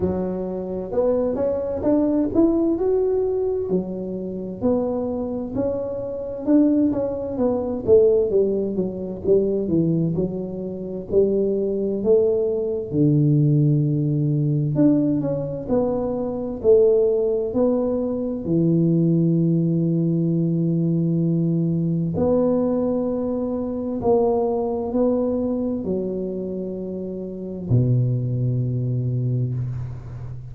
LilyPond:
\new Staff \with { instrumentName = "tuba" } { \time 4/4 \tempo 4 = 65 fis4 b8 cis'8 d'8 e'8 fis'4 | fis4 b4 cis'4 d'8 cis'8 | b8 a8 g8 fis8 g8 e8 fis4 | g4 a4 d2 |
d'8 cis'8 b4 a4 b4 | e1 | b2 ais4 b4 | fis2 b,2 | }